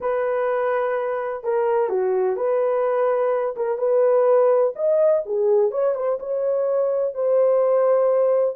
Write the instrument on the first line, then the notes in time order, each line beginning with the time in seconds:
horn
0.01 B4
1.43 A#4
1.89 F#4
2.36 B4
3.56 A#4
3.77 B4
4.75 D#5
5.25 G#4
5.71 C#5
5.94 C5
6.19 C#5
7.14 C5